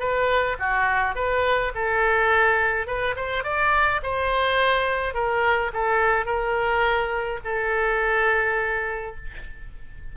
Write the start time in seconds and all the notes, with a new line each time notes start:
0.00 B4
0.59 F#4
1.15 B4
1.75 A4
2.87 B4
3.17 C5
3.44 D5
4.03 C5
5.14 A#4
5.74 A4
6.26 A#4
7.45 A4